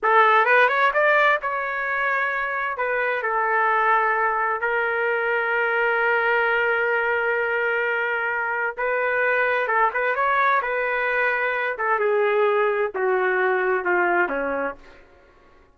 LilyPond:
\new Staff \with { instrumentName = "trumpet" } { \time 4/4 \tempo 4 = 130 a'4 b'8 cis''8 d''4 cis''4~ | cis''2 b'4 a'4~ | a'2 ais'2~ | ais'1~ |
ais'2. b'4~ | b'4 a'8 b'8 cis''4 b'4~ | b'4. a'8 gis'2 | fis'2 f'4 cis'4 | }